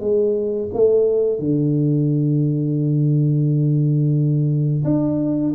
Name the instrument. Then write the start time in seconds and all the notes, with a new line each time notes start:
tuba
0.00 G#3
0.73 A3
1.39 D3
4.84 D4